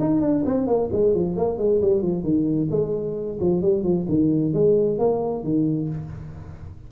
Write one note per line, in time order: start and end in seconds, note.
0.00 0.21 D#4
0.21 0.44 D4
0.46 0.67 C4
0.67 0.90 A#3
0.93 1.14 G#3
1.14 1.37 F3
1.37 1.58 A#3
1.58 1.81 G#3
1.82 2.02 G3
2.02 2.24 F3
2.24 2.69 D#3
2.71 3.39 G#3
3.41 3.62 F3
3.62 3.84 G3
3.84 4.07 F3
4.09 4.54 D#3
4.54 4.99 G#3
4.99 5.44 A#3
5.44 5.89 D#3